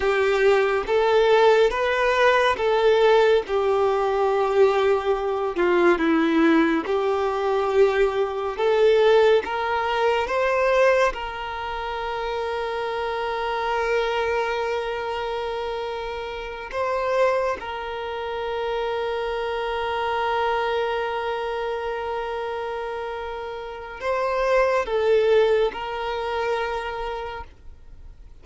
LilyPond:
\new Staff \with { instrumentName = "violin" } { \time 4/4 \tempo 4 = 70 g'4 a'4 b'4 a'4 | g'2~ g'8 f'8 e'4 | g'2 a'4 ais'4 | c''4 ais'2.~ |
ais'2.~ ais'8 c''8~ | c''8 ais'2.~ ais'8~ | ais'1 | c''4 a'4 ais'2 | }